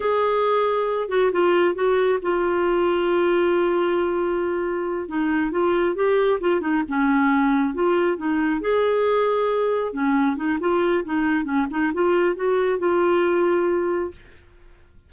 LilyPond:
\new Staff \with { instrumentName = "clarinet" } { \time 4/4 \tempo 4 = 136 gis'2~ gis'8 fis'8 f'4 | fis'4 f'2.~ | f'2.~ f'8 dis'8~ | dis'8 f'4 g'4 f'8 dis'8 cis'8~ |
cis'4. f'4 dis'4 gis'8~ | gis'2~ gis'8 cis'4 dis'8 | f'4 dis'4 cis'8 dis'8 f'4 | fis'4 f'2. | }